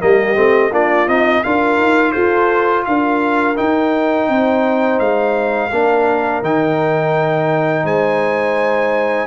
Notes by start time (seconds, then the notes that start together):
0.00 G3 A#3 G4 D#5
0.35 A3 C4
0.71 A#3 D4 F4 D5
1.08 C4 D#4 D#5
1.44 D4 F4 A#4 F5
1.78 D#4
2.12 F4 A4 C5
2.85 D4 A#4 F5
3.56 D#4 G5
4.29 C4 C5
4.99 G#3 F5
5.71 A#3 D4 A#4
6.42 D#3 D#4 G5
7.84 G#3 C5 G#5